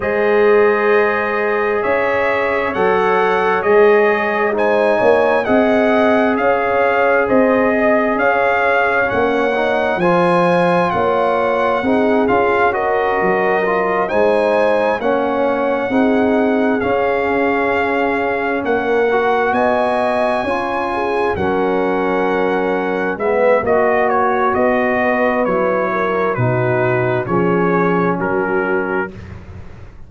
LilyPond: <<
  \new Staff \with { instrumentName = "trumpet" } { \time 4/4 \tempo 4 = 66 dis''2 e''4 fis''4 | dis''4 gis''4 fis''4 f''4 | dis''4 f''4 fis''4 gis''4 | fis''4. f''8 dis''4. gis''8~ |
gis''8 fis''2 f''4.~ | f''8 fis''4 gis''2 fis''8~ | fis''4. e''8 dis''8 cis''8 dis''4 | cis''4 b'4 cis''4 ais'4 | }
  \new Staff \with { instrumentName = "horn" } { \time 4/4 c''2 cis''2~ | cis''4 c''8 cis''8 dis''4 cis''4 | c''8 dis''8 cis''2 c''4 | cis''4 gis'4 ais'4. c''8~ |
c''8 cis''4 gis'2~ gis'8~ | gis'8 ais'4 dis''4 cis''8 gis'8 ais'8~ | ais'4. b'8 fis'4. b'8~ | b'8 ais'8 fis'4 gis'4 fis'4 | }
  \new Staff \with { instrumentName = "trombone" } { \time 4/4 gis'2. a'4 | gis'4 dis'4 gis'2~ | gis'2 cis'8 dis'8 f'4~ | f'4 dis'8 f'8 fis'4 f'8 dis'8~ |
dis'8 cis'4 dis'4 cis'4.~ | cis'4 fis'4. f'4 cis'8~ | cis'4. b8 fis'2 | e'4 dis'4 cis'2 | }
  \new Staff \with { instrumentName = "tuba" } { \time 4/4 gis2 cis'4 fis4 | gis4. ais8 c'4 cis'4 | c'4 cis'4 ais4 f4 | ais4 c'8 cis'4 fis4 gis8~ |
gis8 ais4 c'4 cis'4.~ | cis'8 ais4 b4 cis'4 fis8~ | fis4. gis8 ais4 b4 | fis4 b,4 f4 fis4 | }
>>